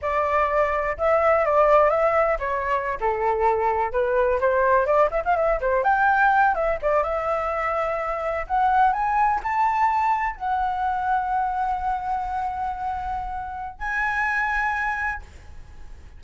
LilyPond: \new Staff \with { instrumentName = "flute" } { \time 4/4 \tempo 4 = 126 d''2 e''4 d''4 | e''4 cis''4~ cis''16 a'4.~ a'16~ | a'16 b'4 c''4 d''8 e''16 f''16 e''8 c''16~ | c''16 g''4. e''8 d''8 e''4~ e''16~ |
e''4.~ e''16 fis''4 gis''4 a''16~ | a''4.~ a''16 fis''2~ fis''16~ | fis''1~ | fis''4 gis''2. | }